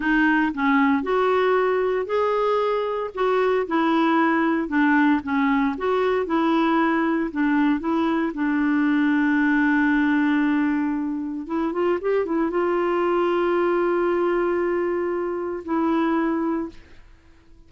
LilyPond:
\new Staff \with { instrumentName = "clarinet" } { \time 4/4 \tempo 4 = 115 dis'4 cis'4 fis'2 | gis'2 fis'4 e'4~ | e'4 d'4 cis'4 fis'4 | e'2 d'4 e'4 |
d'1~ | d'2 e'8 f'8 g'8 e'8 | f'1~ | f'2 e'2 | }